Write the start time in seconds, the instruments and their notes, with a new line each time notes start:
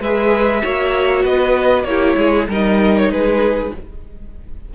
0.00 cello G#3, viola G#4, violin B4 E5
0.62 cello A#3, viola F#4, violin C#5
1.23 cello B3, violin B4 D#5
1.84 cello A#3, viola E4, violin G4 C#5
2.16 cello G#3, violin G#4
2.48 cello G3, viola D#4, violin A#4 D#5
2.97 violin C#5
3.09 cello G#3, violin G#4 B4